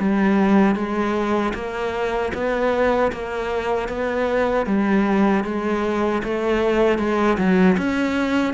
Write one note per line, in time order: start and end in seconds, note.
0.00 0.75 G3
0.75 1.53 G#3
1.54 2.32 A#3
2.34 3.12 B3
3.12 3.89 A#3
3.89 4.66 B3
4.66 5.44 G3
5.45 6.23 G#3
6.24 6.99 A3
6.99 7.38 G#3
7.38 7.77 F#3
7.78 8.54 C#4